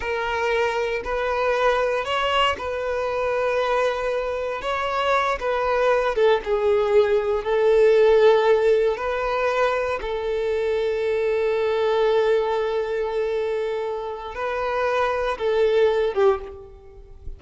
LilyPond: \new Staff \with { instrumentName = "violin" } { \time 4/4 \tempo 4 = 117 ais'2 b'2 | cis''4 b'2.~ | b'4 cis''4. b'4. | a'8 gis'2 a'4.~ |
a'4. b'2 a'8~ | a'1~ | a'1 | b'2 a'4. g'8 | }